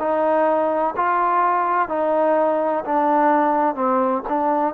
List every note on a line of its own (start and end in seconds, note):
0.00 0.95 D#4
0.97 1.89 F4
1.89 2.84 D#4
2.85 3.76 D4
3.76 4.23 C4
4.29 4.74 D4